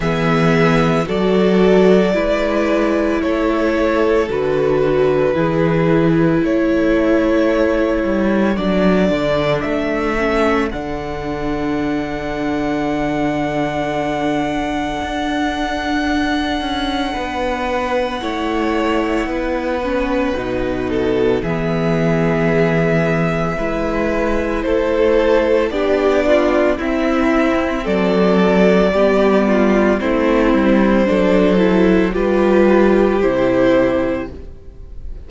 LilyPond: <<
  \new Staff \with { instrumentName = "violin" } { \time 4/4 \tempo 4 = 56 e''4 d''2 cis''4 | b'2 cis''2 | d''4 e''4 fis''2~ | fis''1~ |
fis''1 | e''2. c''4 | d''4 e''4 d''2 | c''2 b'4 c''4 | }
  \new Staff \with { instrumentName = "violin" } { \time 4/4 gis'4 a'4 b'4 a'4~ | a'4 gis'4 a'2~ | a'1~ | a'1 |
b'4 cis''4 b'4. a'8 | gis'2 b'4 a'4 | g'8 f'8 e'4 a'4 g'8 f'8 | e'4 a'4 g'2 | }
  \new Staff \with { instrumentName = "viola" } { \time 4/4 b4 fis'4 e'2 | fis'4 e'2. | d'4. cis'8 d'2~ | d'1~ |
d'4 e'4. cis'8 dis'4 | b2 e'2 | d'4 c'2 b4 | c'4 d'8 e'8 f'4 e'4 | }
  \new Staff \with { instrumentName = "cello" } { \time 4/4 e4 fis4 gis4 a4 | d4 e4 a4. g8 | fis8 d8 a4 d2~ | d2 d'4. cis'8 |
b4 a4 b4 b,4 | e2 gis4 a4 | b4 c'4 fis4 g4 | a8 g8 fis4 g4 c4 | }
>>